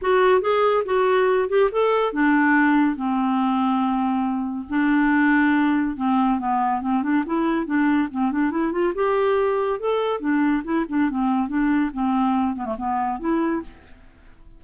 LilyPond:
\new Staff \with { instrumentName = "clarinet" } { \time 4/4 \tempo 4 = 141 fis'4 gis'4 fis'4. g'8 | a'4 d'2 c'4~ | c'2. d'4~ | d'2 c'4 b4 |
c'8 d'8 e'4 d'4 c'8 d'8 | e'8 f'8 g'2 a'4 | d'4 e'8 d'8 c'4 d'4 | c'4. b16 a16 b4 e'4 | }